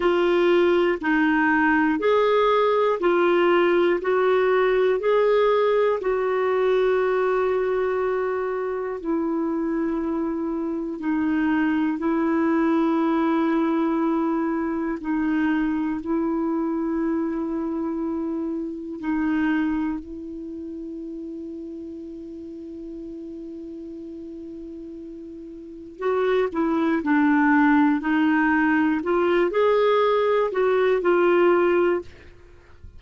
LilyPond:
\new Staff \with { instrumentName = "clarinet" } { \time 4/4 \tempo 4 = 60 f'4 dis'4 gis'4 f'4 | fis'4 gis'4 fis'2~ | fis'4 e'2 dis'4 | e'2. dis'4 |
e'2. dis'4 | e'1~ | e'2 fis'8 e'8 d'4 | dis'4 f'8 gis'4 fis'8 f'4 | }